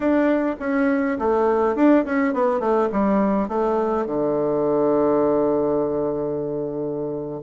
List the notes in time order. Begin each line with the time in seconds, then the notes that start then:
0.00 D4
0.59 C#4
1.18 A3
1.75 D4
2.05 C#4
2.33 B3
2.59 A3
2.92 G3
3.48 A3
4.05 D3